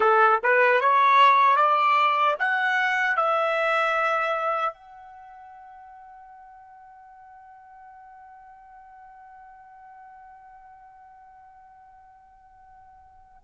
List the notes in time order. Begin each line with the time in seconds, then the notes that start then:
0.00 A4
0.43 B4
0.81 C#5
1.56 D5
2.39 F#5
3.16 E5
4.73 F#5